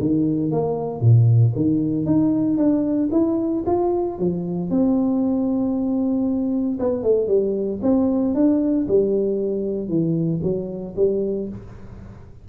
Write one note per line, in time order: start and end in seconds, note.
0.00 0.51 D#3
0.51 1.01 A#3
1.01 1.53 A#2
1.56 2.06 D#3
2.06 2.57 D#4
2.57 3.09 D4
3.12 3.64 E4
3.66 4.18 F4
4.18 4.70 F3
4.70 6.79 C4
6.79 7.03 B3
7.03 7.27 A3
7.27 7.80 G3
7.82 8.35 C4
8.35 8.87 D4
8.88 9.88 G3
9.88 10.41 E3
10.43 10.95 F#3
10.96 11.48 G3